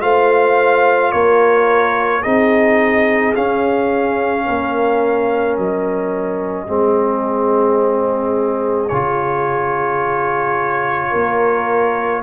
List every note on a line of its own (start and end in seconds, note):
0.00 1.13 A3
0.00 2.22 F4
0.00 1.13 C5
0.00 1.12 F5
1.12 2.25 A#3
1.12 2.22 A#4
1.12 2.22 C#5
2.22 3.36 C4
2.22 3.34 D#4
2.22 4.44 G#4
2.22 3.34 D#5
3.36 6.67 C#4
3.36 4.48 C#4
3.36 5.56 F5
4.45 5.57 A#3
4.45 6.67 A#4
5.56 6.69 F#3
5.56 8.89 D#5
6.67 8.91 G#3
6.67 8.89 C4
6.67 11.10 G#4
8.89 11.14 C#3
8.89 12.23 F4
8.89 12.22 C#5
11.10 12.23 A#3
11.10 12.21 A#4